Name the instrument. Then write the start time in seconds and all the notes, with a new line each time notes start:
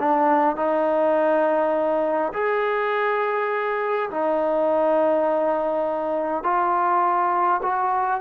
trombone
0.00 D4
0.57 D#4
2.34 G#4
4.10 D#4
6.44 F4
7.63 F#4